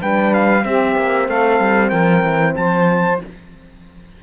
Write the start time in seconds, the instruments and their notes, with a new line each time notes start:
0.00 cello G3, horn D4, saxophone B4, trumpet G5
0.33 trumpet F5
0.62 horn C4, cello C4, saxophone G4, trumpet E5
0.96 cello A#3
1.27 cello A3, saxophone A4, trumpet F5
1.59 cello G3
1.89 cello F3, saxophone A#4, trumpet G5
2.23 cello E3
2.55 cello F3, saxophone C5, trumpet A5